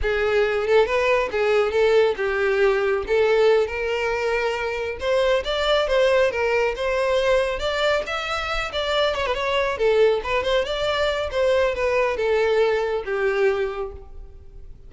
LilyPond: \new Staff \with { instrumentName = "violin" } { \time 4/4 \tempo 4 = 138 gis'4. a'8 b'4 gis'4 | a'4 g'2 a'4~ | a'8 ais'2. c''8~ | c''8 d''4 c''4 ais'4 c''8~ |
c''4. d''4 e''4. | d''4 cis''16 b'16 cis''4 a'4 b'8 | c''8 d''4. c''4 b'4 | a'2 g'2 | }